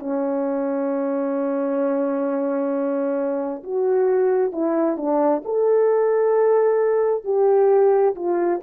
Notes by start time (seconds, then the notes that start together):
0.00 C#4
3.64 F#4
4.53 E4
4.98 D4
5.45 A4
7.24 G4
8.16 F4